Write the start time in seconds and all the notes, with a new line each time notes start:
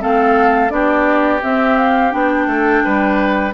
0.00 A3 C4 A4 F5
0.70 B3 D4 G4 D5
1.43 C4 E5
1.79 F5
2.11 B3 D4 G5
2.47 A3 A4
2.85 G3 B4